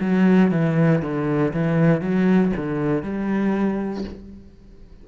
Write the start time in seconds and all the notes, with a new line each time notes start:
0.00 F#3
0.51 E3
1.02 D3
1.53 E3
2.01 F#3
2.56 D3
3.02 G3